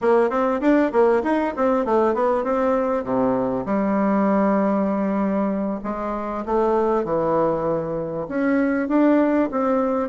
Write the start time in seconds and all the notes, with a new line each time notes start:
0.01 A#3
0.29 C4
0.60 D4
0.92 A#3
1.23 D#4
1.56 C4
1.85 A3
2.14 B3
2.44 C4
3.04 C3
3.65 G3
5.83 G#3
6.45 A3
7.04 E3
8.28 C#4
8.88 D4
9.51 C4